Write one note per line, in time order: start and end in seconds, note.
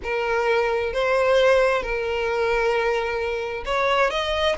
0.03 0.93 A#4
0.93 1.82 C5
1.82 3.64 A#4
3.65 4.10 C#5
4.10 4.55 D#5